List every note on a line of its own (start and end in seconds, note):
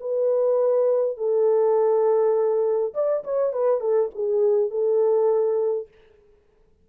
0.00 1.17 B4
1.17 2.94 A4
2.94 3.24 D5
3.24 3.53 C#5
3.53 3.80 B4
3.80 4.10 A4
4.15 4.70 G#4
4.70 5.88 A4